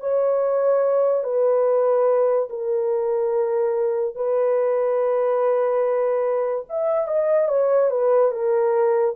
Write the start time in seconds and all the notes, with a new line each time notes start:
0.00 C#5
1.23 B4
2.49 A#4
4.15 B4
6.69 E5
7.08 D#5
7.48 C#5
7.90 B4
8.31 A#4